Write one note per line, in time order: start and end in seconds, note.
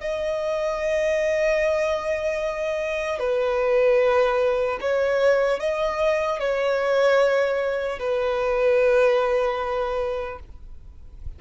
0.00 3.19 D#5
3.19 4.79 B4
4.80 5.59 C#5
5.59 6.39 D#5
6.39 7.99 C#5
7.99 10.39 B4